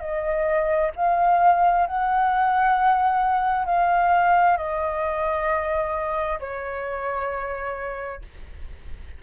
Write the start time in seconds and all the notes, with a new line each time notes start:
0.00 D#5
0.95 F5
1.86 F#5
3.66 F5
4.57 D#5
6.40 C#5